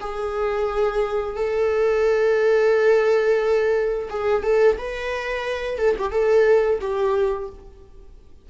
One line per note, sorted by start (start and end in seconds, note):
0.00 1.36 G#4
1.36 4.08 A4
4.09 4.43 G#4
4.43 4.77 A4
4.78 5.78 B4
5.78 5.95 A4
5.98 6.11 G4
6.11 6.79 A4
6.81 7.49 G4